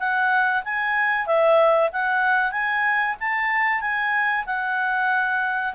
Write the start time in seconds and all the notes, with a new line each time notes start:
0.00 F#5
0.65 G#5
1.27 E5
1.93 F#5
2.52 G#5
3.20 A5
3.81 G#5
4.47 F#5